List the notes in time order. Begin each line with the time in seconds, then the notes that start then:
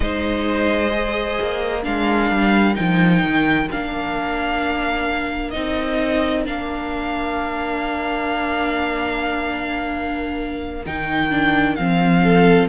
0.00 G#3 D#4 C5 D#5
0.89 G#4
1.41 A#3
1.82 G#3 D4 A#4 F5
2.31 G3
2.74 F3 D#4 G5
3.23 D#3
3.71 A#3 D4 F5
5.50 C4 D#4 D#5
6.45 A#3 D4 F5
10.86 D#3 D#4 G5
11.30 D4
11.75 F3 C4 F5
12.23 A4